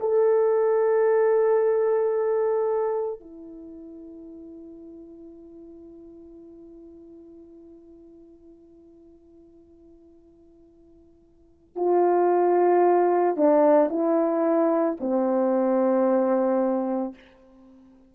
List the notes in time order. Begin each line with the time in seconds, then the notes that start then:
0.00 A4
3.20 E4
11.76 F4
13.37 D4
13.90 E4
15.00 C4